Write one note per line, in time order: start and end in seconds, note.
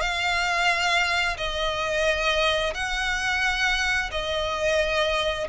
0.00 1.36 F5
1.37 2.73 D#5
2.74 4.10 F#5
4.11 5.47 D#5